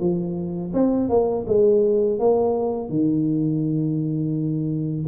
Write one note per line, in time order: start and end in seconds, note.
0.00 0.72 F3
0.73 1.09 C4
1.09 1.45 A#3
1.47 2.19 G#3
2.19 2.89 A#3
2.89 5.06 D#3